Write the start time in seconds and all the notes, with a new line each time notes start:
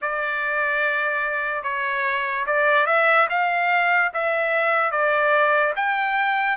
0.01 D5
1.63 C#5
2.46 D5
2.86 E5
3.29 F5
4.13 E5
4.91 D5
5.76 G5